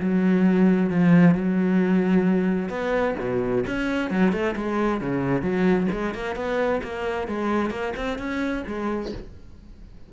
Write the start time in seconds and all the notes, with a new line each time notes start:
0.00 F#3
0.90 F3
1.35 F#3
2.69 B3
3.19 B2
3.67 C#4
4.10 F#3
4.32 A3
4.56 G#3
5.00 C#3
5.42 F#3
5.91 G#3
6.14 A#3
6.35 B3
6.83 A#3
7.27 G#3
7.70 A#3
7.96 C4
8.18 C#4
8.67 G#3